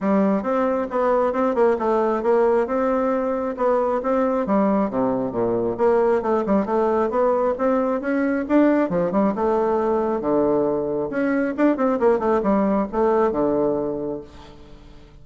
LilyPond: \new Staff \with { instrumentName = "bassoon" } { \time 4/4 \tempo 4 = 135 g4 c'4 b4 c'8 ais8 | a4 ais4 c'2 | b4 c'4 g4 c4 | ais,4 ais4 a8 g8 a4 |
b4 c'4 cis'4 d'4 | f8 g8 a2 d4~ | d4 cis'4 d'8 c'8 ais8 a8 | g4 a4 d2 | }